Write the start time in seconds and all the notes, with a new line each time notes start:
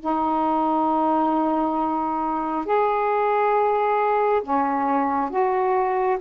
0.00 D#4
2.65 G#4
4.42 C#4
5.30 F#4